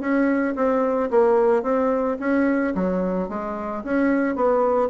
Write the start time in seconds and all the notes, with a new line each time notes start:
0.00 C#4
0.55 C4
1.10 A#3
1.63 C4
2.19 C#4
2.74 F#3
3.29 G#3
3.84 C#4
4.35 B3